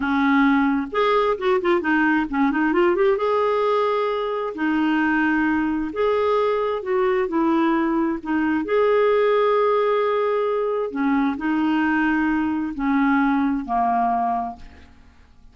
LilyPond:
\new Staff \with { instrumentName = "clarinet" } { \time 4/4 \tempo 4 = 132 cis'2 gis'4 fis'8 f'8 | dis'4 cis'8 dis'8 f'8 g'8 gis'4~ | gis'2 dis'2~ | dis'4 gis'2 fis'4 |
e'2 dis'4 gis'4~ | gis'1 | cis'4 dis'2. | cis'2 ais2 | }